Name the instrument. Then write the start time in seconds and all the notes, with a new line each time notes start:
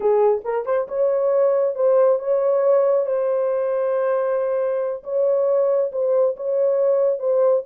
horn
0.00 G#4
0.44 A#4
0.65 C5
0.87 C#5
1.75 C5
2.19 C#5
3.06 C5
5.03 C#5
5.92 C5
6.36 C#5
7.19 C5